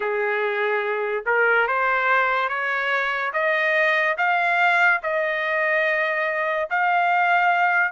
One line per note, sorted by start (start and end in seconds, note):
0.00 1.24 G#4
1.26 1.67 A#4
1.67 2.48 C5
2.48 3.32 C#5
3.33 4.16 D#5
4.17 5.00 F5
5.02 6.69 D#5
6.70 7.92 F5